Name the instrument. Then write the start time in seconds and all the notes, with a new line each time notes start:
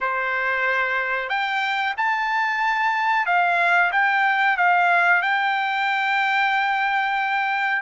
trumpet
0.01 C5
1.29 G5
1.97 A5
3.25 F5
3.92 G5
4.57 F5
5.22 G5